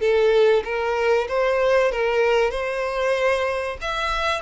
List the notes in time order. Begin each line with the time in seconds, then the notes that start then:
0.00 A4
0.64 A#4
1.28 C5
1.91 A#4
2.51 C5
3.81 E5